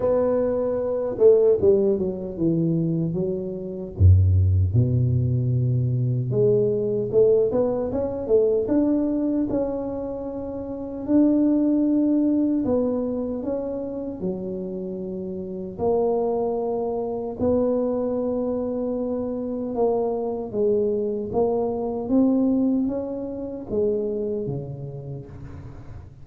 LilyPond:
\new Staff \with { instrumentName = "tuba" } { \time 4/4 \tempo 4 = 76 b4. a8 g8 fis8 e4 | fis4 fis,4 b,2 | gis4 a8 b8 cis'8 a8 d'4 | cis'2 d'2 |
b4 cis'4 fis2 | ais2 b2~ | b4 ais4 gis4 ais4 | c'4 cis'4 gis4 cis4 | }